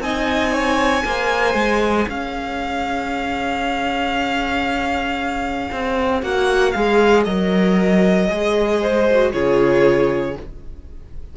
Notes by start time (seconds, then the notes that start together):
0.00 C4 D#4 D#5 G#5
0.53 C#5
1.05 A#3 G#4 C5
1.55 G#3
2.08 C#4 C#5 F5
5.72 C4
6.23 A#3 F#4 F#5
6.72 G#3 G#4 F5
7.24 F#3 A#4 D#5
8.29 G#3 G#4
8.81 C5
9.11 F#4
9.33 C#3 F4 G#4 C#5